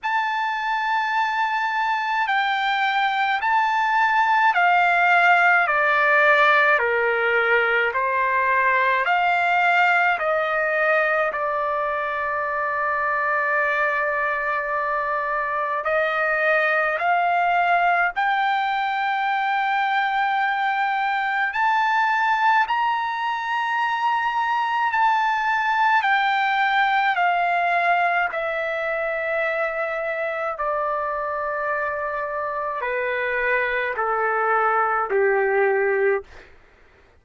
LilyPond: \new Staff \with { instrumentName = "trumpet" } { \time 4/4 \tempo 4 = 53 a''2 g''4 a''4 | f''4 d''4 ais'4 c''4 | f''4 dis''4 d''2~ | d''2 dis''4 f''4 |
g''2. a''4 | ais''2 a''4 g''4 | f''4 e''2 d''4~ | d''4 b'4 a'4 g'4 | }